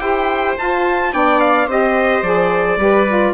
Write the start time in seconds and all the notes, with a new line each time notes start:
0.00 E4 G4 C5 G5
0.58 F4 A5
1.13 B3 D4 D5 G5
1.40 F5
1.67 C4 G4 C5 D#5
2.22 F3 G#4 D5
2.77 G3 G4 B4
3.08 F4